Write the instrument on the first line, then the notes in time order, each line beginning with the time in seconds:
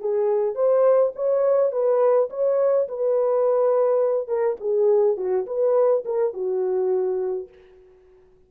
horn
0.00 G#4
0.55 C5
1.16 C#5
1.72 B4
2.30 C#5
2.88 B4
4.28 A#4
4.60 G#4
5.17 F#4
5.46 B4
6.05 A#4
6.33 F#4